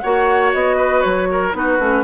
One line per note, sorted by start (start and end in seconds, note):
0.00 0.54 A#3
0.00 1.53 F#4
0.00 0.77 C#5
0.00 0.51 F#5
0.54 1.05 B3
0.54 1.02 D#5
0.77 1.28 B4
1.02 1.53 F#3
1.02 1.53 C#5
1.31 1.57 A#4
1.53 1.79 B3
1.53 1.78 D#4
1.53 2.04 F#4
1.53 2.04 B4
1.79 2.04 A3
1.79 2.04 C#4